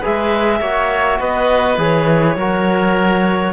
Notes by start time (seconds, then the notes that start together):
0.00 G#4 B4 E5
0.07 G#3
0.61 A#3 F#4 C#5
1.20 B3 B4 D#5
1.78 E3 G#4 C#5
2.37 F#3 F#4 A#4